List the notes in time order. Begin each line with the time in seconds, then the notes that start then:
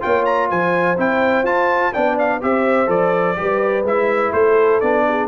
0.00 A#3 F4 C#5 G5
0.25 A#5
0.49 F3 C5 G#5
0.97 C4 E4 G5
1.43 F4 A5
1.92 B3 D4 D5 G5
2.18 F5
2.41 C4 G4 C5 E5
2.87 F3 A4 D5
3.36 G3 G4 B4
3.84 G#3 E4 E5
4.32 A3 A4 C5
4.80 B3 D4 D5
5.08 G#4